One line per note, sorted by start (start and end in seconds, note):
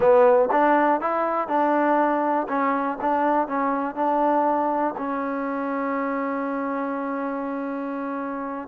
0.00 0.49 B3
0.51 1.01 D4
1.01 1.48 E4
1.48 2.47 D4
2.48 2.98 C#4
3.01 3.47 D4
3.47 3.95 C#4
3.95 4.94 D4
4.97 8.68 C#4